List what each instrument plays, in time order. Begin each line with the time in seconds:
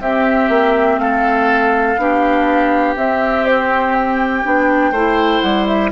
0.00 clarinet C4, bassoon C4, oboe G4, flute E5
0.49 bassoon A#3
0.98 bassoon A3, oboe A4, flute F5
1.97 bassoon B3, clarinet D4, oboe G4
2.96 bassoon C4, clarinet C4, flute E5
3.46 flute C5
3.94 flute G5
4.44 bassoon B3, clarinet D4
4.91 bassoon A3, clarinet E4, oboe C5
5.41 bassoon G3, flute F#5
5.67 flute E5